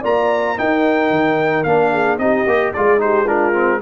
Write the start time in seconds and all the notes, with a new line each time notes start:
0.00 A#3 F4 D5 A#5
0.57 D#4 A#4 G5
1.10 D#3
1.63 A#3 D4 F5
1.92 G#4
2.17 C4 D#4 G4 D#5
2.46 A#3 G4
2.73 G#3 F4 G#4 D5
2.98 D#4 G4 C5
3.25 D4 F4 A#4
3.53 C4